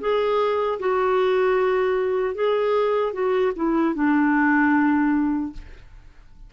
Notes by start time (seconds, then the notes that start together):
0.00 G#4
0.79 F#4
2.34 G#4
3.13 F#4
3.56 E4
3.94 D4